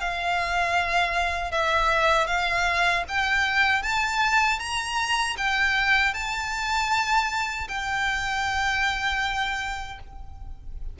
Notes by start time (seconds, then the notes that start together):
0.00 F5
1.51 E5
2.27 F5
3.08 G5
3.83 A5
4.59 A#5
5.37 G5
6.14 A5
7.68 G5